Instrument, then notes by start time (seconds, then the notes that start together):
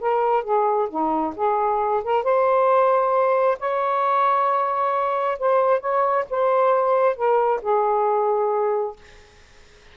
saxophone
0.00 A#4
0.44 G#4
0.89 D#4
1.36 G#4
2.04 A#4
2.23 C5
3.59 C#5
5.39 C5
5.80 C#5
6.30 C5
7.16 A#4
7.62 G#4